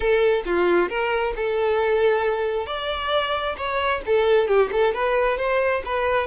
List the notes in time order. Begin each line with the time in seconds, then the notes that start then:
0.00 A4
0.45 F4
0.89 A#4
1.36 A4
2.66 D5
3.57 C#5
4.05 A4
4.47 G4
4.71 A4
4.94 B4
5.37 C5
5.85 B4